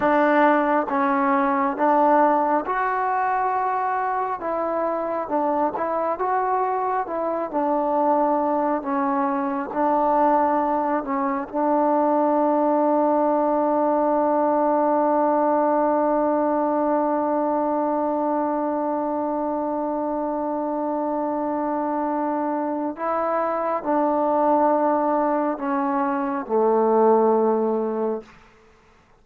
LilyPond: \new Staff \with { instrumentName = "trombone" } { \time 4/4 \tempo 4 = 68 d'4 cis'4 d'4 fis'4~ | fis'4 e'4 d'8 e'8 fis'4 | e'8 d'4. cis'4 d'4~ | d'8 cis'8 d'2.~ |
d'1~ | d'1~ | d'2 e'4 d'4~ | d'4 cis'4 a2 | }